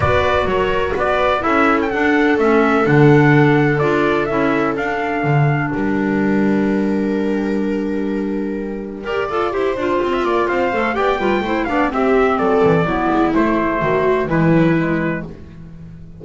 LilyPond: <<
  \new Staff \with { instrumentName = "trumpet" } { \time 4/4 \tempo 4 = 126 d''4 cis''4 d''4 e''8. g''16 | fis''4 e''4 fis''2 | d''4 e''4 f''2 | g''1~ |
g''1~ | g''2 f''4 g''4~ | g''8 f''8 e''4 d''2 | c''2 b'2 | }
  \new Staff \with { instrumentName = "viola" } { \time 4/4 b'4 ais'4 b'4 a'4~ | a'1~ | a'1 | ais'1~ |
ais'2. d''4 | c''4~ c''16 e''16 d''8 c''4 d''8 b'8 | c''8 d''8 g'4 a'4 e'4~ | e'4 fis'4 e'2 | }
  \new Staff \with { instrumentName = "clarinet" } { \time 4/4 fis'2. e'4 | d'4 cis'4 d'2 | f'4 e'4 d'2~ | d'1~ |
d'2. ais'8 a'8 | g'8 f'2 a'8 g'8 f'8 | e'8 d'8 c'2 b4 | a2 gis8 fis8 gis4 | }
  \new Staff \with { instrumentName = "double bass" } { \time 4/4 b4 fis4 b4 cis'4 | d'4 a4 d2 | d'4 cis'4 d'4 d4 | g1~ |
g2. g'8 f'8 | e'8 d'8 c'8 ais8 c'8 a8 b8 g8 | a8 b8 c'4 fis8 e8 fis8 gis8 | a4 dis4 e2 | }
>>